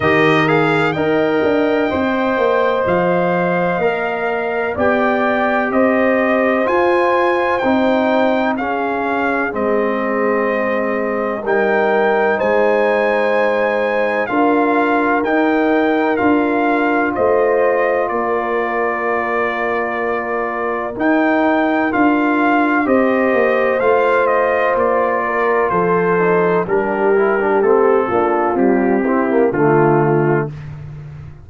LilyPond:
<<
  \new Staff \with { instrumentName = "trumpet" } { \time 4/4 \tempo 4 = 63 dis''8 f''8 g''2 f''4~ | f''4 g''4 dis''4 gis''4 | g''4 f''4 dis''2 | g''4 gis''2 f''4 |
g''4 f''4 dis''4 d''4~ | d''2 g''4 f''4 | dis''4 f''8 dis''8 d''4 c''4 | ais'4 a'4 g'4 f'4 | }
  \new Staff \with { instrumentName = "horn" } { \time 4/4 ais'4 dis''2.~ | dis''4 d''4 c''2~ | c''4 gis'2. | ais'4 c''2 ais'4~ |
ais'2 c''4 ais'4~ | ais'1 | c''2~ c''8 ais'8 a'4 | g'4. f'4 e'8 f'4 | }
  \new Staff \with { instrumentName = "trombone" } { \time 4/4 g'8 gis'8 ais'4 c''2 | ais'4 g'2 f'4 | dis'4 cis'4 c'2 | dis'2. f'4 |
dis'4 f'2.~ | f'2 dis'4 f'4 | g'4 f'2~ f'8 dis'8 | d'8 e'16 d'16 c'8 d'8 g8 c'16 ais16 a4 | }
  \new Staff \with { instrumentName = "tuba" } { \time 4/4 dis4 dis'8 d'8 c'8 ais8 f4 | ais4 b4 c'4 f'4 | c'4 cis'4 gis2 | g4 gis2 d'4 |
dis'4 d'4 a4 ais4~ | ais2 dis'4 d'4 | c'8 ais8 a4 ais4 f4 | g4 a8 ais8 c'4 d4 | }
>>